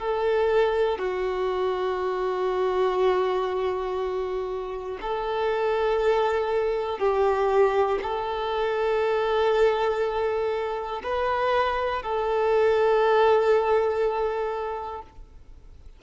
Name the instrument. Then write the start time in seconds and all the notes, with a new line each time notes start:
violin
0.00 A4
0.99 F#4
5.01 A4
7.00 G4
8.03 A4
11.04 B4
12.03 A4